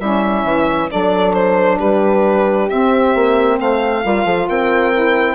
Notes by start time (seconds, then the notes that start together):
0.00 G3 C#4 E4 E5
0.43 E3
0.89 F#3 D4 A4 D5
1.33 C5
1.79 G3 G4 B4
2.69 C4 E5
3.15 A#3
3.57 A3 C5 F5
4.03 G3 F4 A#4
4.25 F3 A4
4.49 C4 A#4 G5
4.93 E4